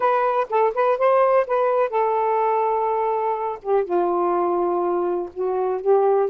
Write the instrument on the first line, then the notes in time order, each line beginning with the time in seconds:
saxophone
0.00 B4
0.49 A4
0.74 B4
0.98 C5
1.46 B4
1.89 A4
3.62 G4
3.84 F4
5.33 F#4
5.81 G4